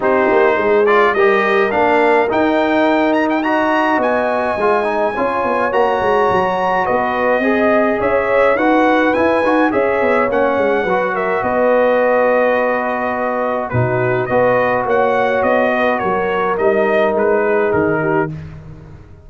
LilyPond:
<<
  \new Staff \with { instrumentName = "trumpet" } { \time 4/4 \tempo 4 = 105 c''4. d''8 dis''4 f''4 | g''4. ais''16 g''16 ais''4 gis''4~ | gis''2 ais''2 | dis''2 e''4 fis''4 |
gis''4 e''4 fis''4. e''8 | dis''1 | b'4 dis''4 fis''4 dis''4 | cis''4 dis''4 b'4 ais'4 | }
  \new Staff \with { instrumentName = "horn" } { \time 4/4 g'4 gis'4 ais'2~ | ais'2 dis''2~ | dis''4 cis''2. | b'4 dis''4 cis''4 b'4~ |
b'4 cis''2 b'8 ais'8 | b'1 | fis'4 b'4 cis''4. b'8 | ais'2~ ais'8 gis'4 g'8 | }
  \new Staff \with { instrumentName = "trombone" } { \time 4/4 dis'4. f'8 g'4 d'4 | dis'2 fis'2 | f'8 dis'8 f'4 fis'2~ | fis'4 gis'2 fis'4 |
e'8 fis'8 gis'4 cis'4 fis'4~ | fis'1 | dis'4 fis'2.~ | fis'4 dis'2. | }
  \new Staff \with { instrumentName = "tuba" } { \time 4/4 c'8 ais8 gis4 g4 ais4 | dis'2. b4 | gis4 cis'8 b8 ais8 gis8 fis4 | b4 c'4 cis'4 dis'4 |
e'8 dis'8 cis'8 b8 ais8 gis8 fis4 | b1 | b,4 b4 ais4 b4 | fis4 g4 gis4 dis4 | }
>>